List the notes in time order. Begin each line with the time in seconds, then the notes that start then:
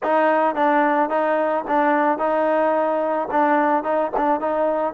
0.03 D#4
0.55 D4
1.09 D#4
1.67 D4
2.18 D#4
3.31 D4
3.83 D#4
4.17 D4
4.40 D#4